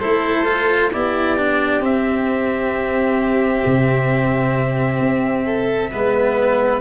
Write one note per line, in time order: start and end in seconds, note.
0.00 0.95 A3
0.00 0.45 E4
0.00 0.91 A4
0.00 0.91 C5
0.45 0.91 F4
0.93 1.81 B3
0.93 1.38 E4
0.93 5.46 G4
0.93 1.84 D5
1.38 1.82 D4
1.81 3.63 C4
1.81 5.91 C4
1.81 6.82 E5
3.66 5.00 C3
5.00 5.91 C4
5.46 5.91 A4
5.92 6.82 G#3
5.92 6.82 B3
5.92 6.82 B4